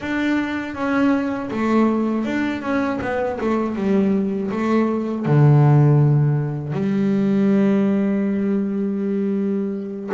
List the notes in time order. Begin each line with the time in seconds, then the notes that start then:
0.00 D4
0.74 C#4
1.50 A3
2.25 D4
2.61 C#4
3.01 B3
3.40 A3
3.75 G3
4.50 A3
5.25 D3
6.72 G3